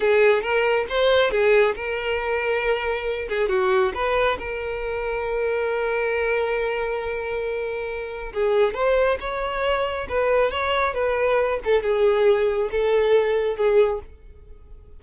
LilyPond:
\new Staff \with { instrumentName = "violin" } { \time 4/4 \tempo 4 = 137 gis'4 ais'4 c''4 gis'4 | ais'2.~ ais'8 gis'8 | fis'4 b'4 ais'2~ | ais'1~ |
ais'2. gis'4 | c''4 cis''2 b'4 | cis''4 b'4. a'8 gis'4~ | gis'4 a'2 gis'4 | }